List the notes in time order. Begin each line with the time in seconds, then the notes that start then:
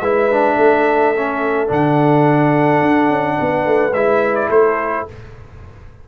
0.00 G#3 E4 B4 E5
0.31 D4
0.56 A3 A4
1.16 C#4
1.68 D3 D4 F#5
2.82 D4
3.10 C#4
3.38 B3 B4
3.66 A3
3.93 G#3 E4 E5
4.35 D5
4.50 A3 A4 C5